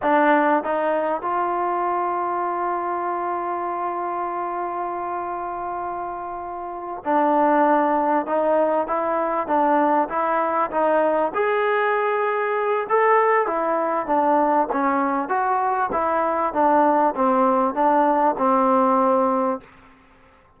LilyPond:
\new Staff \with { instrumentName = "trombone" } { \time 4/4 \tempo 4 = 98 d'4 dis'4 f'2~ | f'1~ | f'2.~ f'8 d'8~ | d'4. dis'4 e'4 d'8~ |
d'8 e'4 dis'4 gis'4.~ | gis'4 a'4 e'4 d'4 | cis'4 fis'4 e'4 d'4 | c'4 d'4 c'2 | }